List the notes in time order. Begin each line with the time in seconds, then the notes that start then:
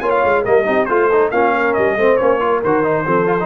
0.00 A#3 F4 C#5 G#5
0.10 F5
0.24 G#3
0.44 G3 A#3 A#4 D#5
0.65 C4 D#4 G4
0.86 A3 F4 C5
1.09 D#4 A4
1.31 A#3 C#4 F4 F5
1.53 A#4
1.74 G3 D#5
1.97 A3 C4 C5
2.17 A#3 C#4 C#5
2.40 F4 A#4
2.64 D#3 F#4 C5
2.83 D#4
3.06 F3 C4 A4
3.27 F4
3.40 D#4